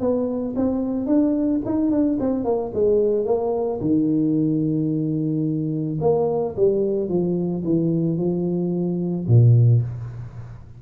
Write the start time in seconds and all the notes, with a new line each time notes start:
0.00 B3
0.56 C4
1.06 D4
1.65 D#4
1.91 D4
2.20 C4
2.44 A#3
2.74 G#3
3.25 A#3
3.81 D#3
6.00 A#3
6.56 G3
7.09 F3
7.64 E3
8.17 F3
9.28 A#2